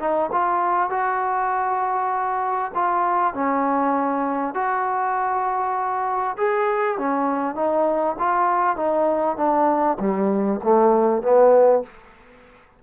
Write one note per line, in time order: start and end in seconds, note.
0.00 0.30 D#4
0.32 0.90 F4
0.90 2.72 F#4
2.75 3.34 F4
3.34 4.55 C#4
4.55 6.37 F#4
6.38 6.98 G#4
6.98 7.56 C#4
7.56 8.16 D#4
8.19 8.77 F4
8.77 9.37 D#4
9.37 9.98 D4
10.00 10.61 G3
10.64 11.23 A3
11.23 11.83 B3